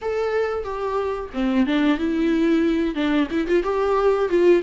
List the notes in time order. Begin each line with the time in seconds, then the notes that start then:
0.01 A4
0.64 G4
1.33 C4
1.66 D4
1.98 E4
2.94 D4
3.31 E4
3.47 F4
3.63 G4
4.29 F4